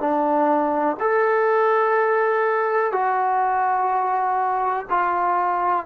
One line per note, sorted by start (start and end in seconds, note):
0.00 0.97 D4
1.00 2.93 A4
2.93 4.86 F#4
4.90 5.86 F4